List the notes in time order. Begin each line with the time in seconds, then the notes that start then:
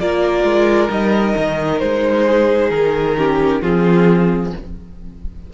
0.00 A#3 F4 A#4 D5
0.44 G#3
0.89 G3 D#4 D#5
1.37 D#3
1.80 G#3 C5
2.27 G#4
2.71 D#3 A#4
3.17 C#4 G4
3.62 F3 C4 F4 G#4